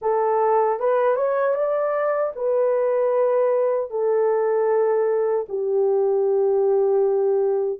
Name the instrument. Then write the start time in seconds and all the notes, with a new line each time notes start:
horn
0.01 A4
0.79 B4
1.16 C#5
1.54 D5
2.35 B4
3.90 A4
5.49 G4